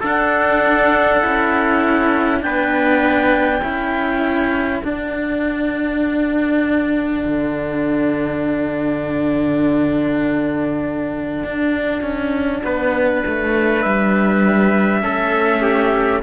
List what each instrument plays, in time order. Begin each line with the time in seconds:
0.00 cello D4, trumpet A4 F#5
1.22 cello C#4 E4
2.40 cello B3 D4, trumpet B4 G5
3.61 cello C#4 E4, trumpet A4
4.82 cello D4, trumpet F#5
7.25 cello D3
11.44 cello D4
12.02 cello C#4
12.64 cello B3, trumpet B4
13.26 cello A3
13.81 cello G3, trumpet E5
15.02 cello A3 C#4, trumpet A4
15.61 trumpet G4